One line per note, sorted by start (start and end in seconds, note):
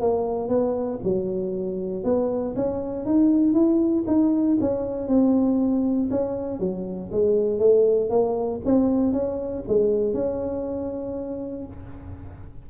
0.00 0.48 A#3
0.48 0.99 B3
1.03 2.03 F#3
2.03 2.54 B3
2.55 3.05 C#4
3.05 3.53 D#4
3.53 4.04 E4
4.07 4.57 D#4
4.60 5.07 C#4
5.07 6.09 C4
6.10 6.59 C#4
6.59 7.10 F#3
7.11 7.59 G#3
7.59 8.09 A3
8.09 8.60 A#3
8.64 9.12 C4
9.12 9.63 C#4
9.67 10.13 G#3
10.13 11.66 C#4